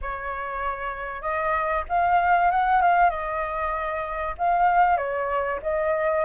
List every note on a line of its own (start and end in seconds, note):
0.01 1.21 C#5
1.21 1.84 D#5
1.88 2.50 F5
2.50 2.81 F#5
2.81 3.10 F5
3.10 4.35 D#5
4.38 4.97 F5
4.97 5.59 C#5
5.62 6.24 D#5